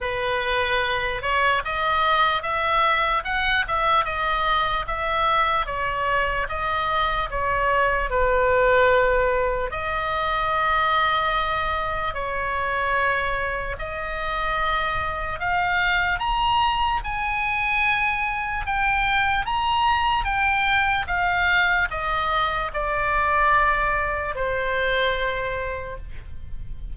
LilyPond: \new Staff \with { instrumentName = "oboe" } { \time 4/4 \tempo 4 = 74 b'4. cis''8 dis''4 e''4 | fis''8 e''8 dis''4 e''4 cis''4 | dis''4 cis''4 b'2 | dis''2. cis''4~ |
cis''4 dis''2 f''4 | ais''4 gis''2 g''4 | ais''4 g''4 f''4 dis''4 | d''2 c''2 | }